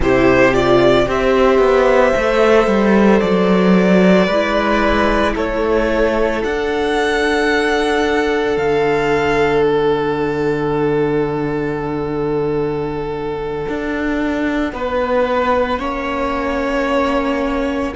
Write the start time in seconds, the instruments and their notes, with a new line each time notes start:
0.00 cello C3, viola E4, violin G4 C5
0.52 viola F4, violin D5
1.06 cello C4, viola G4, violin C5 E5
1.58 cello B3
2.13 cello A3, viola A4
2.67 cello G3
3.20 cello F#3, violin D5
4.26 cello G#3, violin B4
4.33 viola E4
5.34 cello A3, violin A4 C#5
6.43 cello D4, viola D4, violin F#5
8.57 cello D3, violin F5
9.63 violin F#5
13.68 cello D4
14.72 cello B3, violin B4
15.79 cello A#3, viola C#4, violin C#5